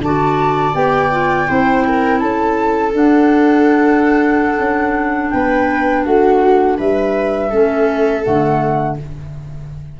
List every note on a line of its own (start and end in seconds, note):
0.00 0.73 D3
0.00 0.73 F#4
0.00 1.48 D5
0.00 0.75 A5
0.73 1.48 B3
0.73 1.09 G4
0.73 2.19 G5
1.11 1.46 F4
1.46 2.22 C4
1.46 2.91 E4
1.46 1.84 C5
1.87 2.21 A#4
2.19 2.94 C#4
2.19 5.32 A4
2.19 2.92 A5
2.91 7.48 D4
2.91 4.59 D4
2.91 5.30 F#5
4.59 5.32 C#4
5.30 6.05 B3
5.30 6.05 B4
5.30 6.03 G5
6.05 6.79 A3
6.05 6.77 F#4
6.05 6.78 F#5
6.77 7.51 G3
6.77 7.49 B4
6.77 8.23 E5
7.49 8.25 A3
7.49 8.23 C#4
7.49 8.96 A4
8.23 9.00 D3
8.23 8.96 A3
8.23 8.97 F#5